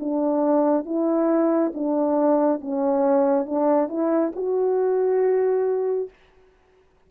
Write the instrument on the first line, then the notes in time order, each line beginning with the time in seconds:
horn
0.00 D4
0.86 E4
1.75 D4
2.61 C#4
3.46 D4
3.89 E4
4.36 F#4